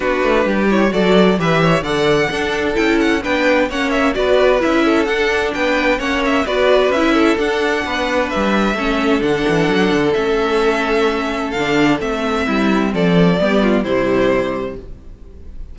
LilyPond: <<
  \new Staff \with { instrumentName = "violin" } { \time 4/4 \tempo 4 = 130 b'4. cis''8 d''4 e''4 | fis''2 g''8 fis''8 g''4 | fis''8 e''8 d''4 e''4 fis''4 | g''4 fis''8 e''8 d''4 e''4 |
fis''2 e''2 | fis''2 e''2~ | e''4 f''4 e''2 | d''2 c''2 | }
  \new Staff \with { instrumentName = "violin" } { \time 4/4 fis'4 g'4 a'4 b'8 cis''8 | d''4 a'2 b'4 | cis''4 b'4. a'4. | b'4 cis''4 b'4. a'8~ |
a'4 b'2 a'4~ | a'1~ | a'2. e'4 | a'4 g'8 f'8 e'2 | }
  \new Staff \with { instrumentName = "viola" } { \time 4/4 d'4. e'8 fis'4 g'4 | a'4 d'4 e'4 d'4 | cis'4 fis'4 e'4 d'4~ | d'4 cis'4 fis'4 e'4 |
d'2. cis'4 | d'2 cis'2~ | cis'4 d'4 c'2~ | c'4 b4 g2 | }
  \new Staff \with { instrumentName = "cello" } { \time 4/4 b8 a8 g4 fis4 e4 | d4 d'4 cis'4 b4 | ais4 b4 cis'4 d'4 | b4 ais4 b4 cis'4 |
d'4 b4 g4 a4 | d8 e8 fis8 d8 a2~ | a4 d4 a4 g4 | f4 g4 c2 | }
>>